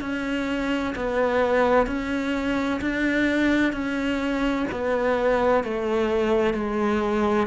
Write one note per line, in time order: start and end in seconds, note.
0.00 0.94 C#4
0.95 1.86 B3
1.86 2.80 C#4
2.81 3.72 D4
3.72 4.66 C#4
4.71 5.63 B3
5.63 6.53 A3
6.53 7.47 G#3